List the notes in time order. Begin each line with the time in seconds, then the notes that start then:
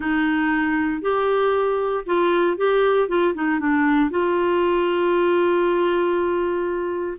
0.00 D#4
1.01 G4
2.06 F4
2.57 G4
3.08 F4
3.34 D#4
3.59 D4
4.10 F4